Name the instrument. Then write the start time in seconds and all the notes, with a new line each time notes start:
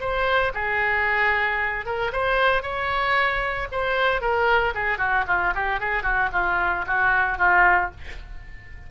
oboe
0.00 C5
0.54 G#4
1.85 A#4
2.12 C5
2.62 C#5
3.72 C5
4.21 A#4
4.74 G#4
4.98 F#4
5.28 F4
5.55 G4
5.80 G#4
6.03 F#4
6.33 F4
6.87 F#4
7.38 F4